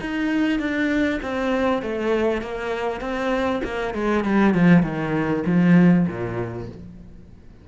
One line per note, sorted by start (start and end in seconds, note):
0.00 0.59 D#4
0.59 1.20 D4
1.22 1.82 C4
1.82 2.41 A3
2.41 3.00 A#3
3.00 3.61 C4
3.63 3.94 A#3
3.94 4.24 G#3
4.24 4.54 G3
4.54 4.82 F3
4.82 5.43 D#3
5.46 6.06 F3
6.07 6.68 A#2